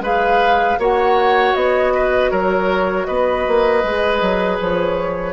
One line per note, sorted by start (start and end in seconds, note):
0.00 0.76 G#3
0.00 0.78 G#4
0.00 0.79 B4
0.00 0.80 F5
0.78 1.54 A#3
0.78 3.83 F#4
0.78 1.93 C#5
0.78 1.54 F#5
1.54 2.31 B3
1.54 2.30 D#5
1.94 2.31 B4
2.31 3.07 F#3
2.31 3.06 A#4
2.31 3.05 C#5
3.05 3.46 B3
3.05 5.33 B4
3.05 4.57 D#5
3.47 3.84 A#3
3.83 4.21 G#3
3.83 5.33 G#4
4.21 4.59 F#3
4.60 5.33 F3
4.60 5.33 C#5